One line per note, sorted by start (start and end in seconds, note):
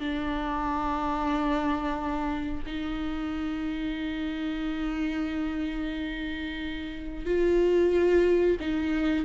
0.00 2.64 D4
2.66 7.26 D#4
7.26 8.58 F4
8.60 9.25 D#4